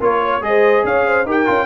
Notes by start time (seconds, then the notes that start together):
0.00 A#3 F4 A#4 C#5
0.21 C#5
0.41 G#3 G#4 C5 D#5
0.84 C#4 C#5 F5
1.06 C5
1.25 D#4 G4 A#4 G5
1.46 C#4 F4